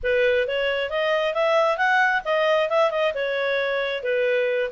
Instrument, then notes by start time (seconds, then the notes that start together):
clarinet
0.03 B4
0.47 C#5
0.90 D#5
1.34 E5
1.77 F#5
2.24 D#5
2.69 E5
2.90 D#5
3.14 C#5
4.03 B4